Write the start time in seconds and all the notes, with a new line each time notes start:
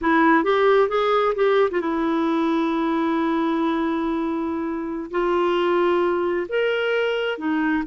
0.01 E4
0.43 G4
0.88 G#4
1.35 G4
1.70 F4
1.81 E4
5.10 F4
6.49 A#4
7.38 D#4